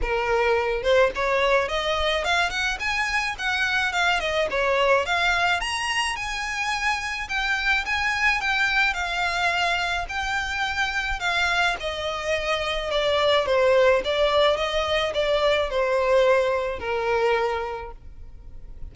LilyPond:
\new Staff \with { instrumentName = "violin" } { \time 4/4 \tempo 4 = 107 ais'4. c''8 cis''4 dis''4 | f''8 fis''8 gis''4 fis''4 f''8 dis''8 | cis''4 f''4 ais''4 gis''4~ | gis''4 g''4 gis''4 g''4 |
f''2 g''2 | f''4 dis''2 d''4 | c''4 d''4 dis''4 d''4 | c''2 ais'2 | }